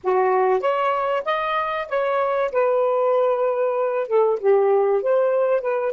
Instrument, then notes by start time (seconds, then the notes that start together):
saxophone
0.03 F#4
0.60 C#5
1.25 D#5
1.88 C#5
2.52 B4
4.07 A4
4.39 G4
5.02 C5
5.61 B4